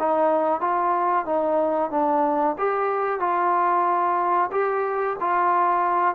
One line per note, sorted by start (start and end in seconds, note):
0.00 0.61 D#4
0.61 1.26 F4
1.26 1.91 D#4
1.91 2.56 D4
2.59 3.20 G4
3.20 4.51 F4
4.52 5.17 G4
5.21 6.15 F4